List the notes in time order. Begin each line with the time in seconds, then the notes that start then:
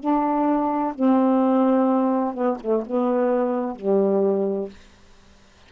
0.00 D4
0.95 C4
2.34 B3
2.61 A3
2.86 B3
3.76 G3